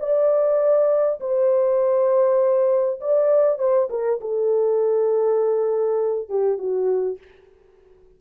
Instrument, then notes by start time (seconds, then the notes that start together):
horn
0.00 D5
1.20 C5
3.01 D5
3.59 C5
3.90 A#4
4.21 A4
6.29 G4
6.58 F#4